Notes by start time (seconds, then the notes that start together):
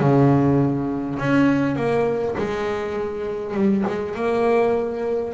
0.00 C#3
1.19 C#4
1.76 A#3
2.38 G#3
3.55 G3
3.87 G#3
4.15 A#3